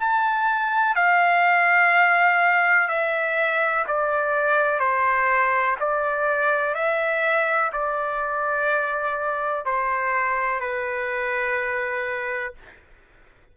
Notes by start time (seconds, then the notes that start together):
0.00 A5
0.95 F5
2.88 E5
3.88 D5
4.79 C5
5.80 D5
6.75 E5
7.73 D5
9.66 C5
10.60 B4